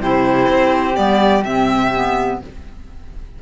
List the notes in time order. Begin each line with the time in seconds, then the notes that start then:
0.00 C3 E4 G4 C5
0.48 C4
0.94 G3 B3 D5
1.44 C3 C4 E5
1.94 B3